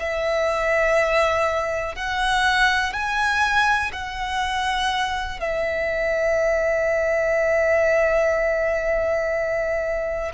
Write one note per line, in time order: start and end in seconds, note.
0.00 1.96 E5
1.96 2.93 F#5
2.93 3.92 G#5
3.93 5.40 F#5
5.40 10.32 E5